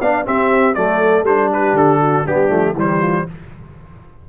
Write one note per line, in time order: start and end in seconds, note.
0.00 0.26 B3
0.00 0.25 D4
0.00 0.25 D5
0.00 0.26 F5
0.25 0.75 C4
0.25 0.76 C4
0.25 0.76 G4
0.25 0.75 E5
0.75 1.24 F#3
0.75 1.26 A3
0.75 1.51 A4
0.75 1.25 D5
1.24 1.73 G3
1.24 2.26 D4
1.24 1.51 C5
1.52 2.00 G4
1.52 1.77 B4
1.73 2.23 D3
1.73 2.27 A4
2.00 2.25 F#4
2.25 2.51 G3
2.25 2.49 B3
2.25 2.75 D4
2.25 2.77 G4
2.49 2.74 F3
2.49 2.74 A3
2.74 3.24 E3
2.74 3.28 G3
2.74 3.00 G4
2.74 3.30 C5
3.00 3.25 F4